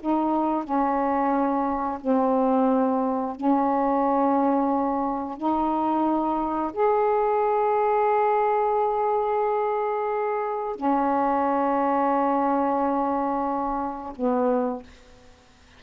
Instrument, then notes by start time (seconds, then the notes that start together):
saxophone
0.00 D#4
0.64 C#4
2.01 C4
3.36 C#4
5.37 D#4
6.73 G#4
10.76 C#4
14.16 B3